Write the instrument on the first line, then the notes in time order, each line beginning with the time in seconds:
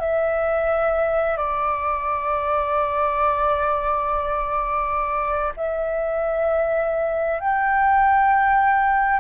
flute
0.00 E5
1.37 D5
5.56 E5
7.40 G5